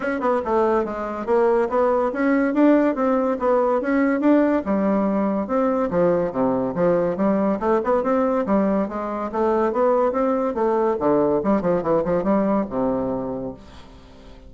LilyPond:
\new Staff \with { instrumentName = "bassoon" } { \time 4/4 \tempo 4 = 142 cis'8 b8 a4 gis4 ais4 | b4 cis'4 d'4 c'4 | b4 cis'4 d'4 g4~ | g4 c'4 f4 c4 |
f4 g4 a8 b8 c'4 | g4 gis4 a4 b4 | c'4 a4 d4 g8 f8 | e8 f8 g4 c2 | }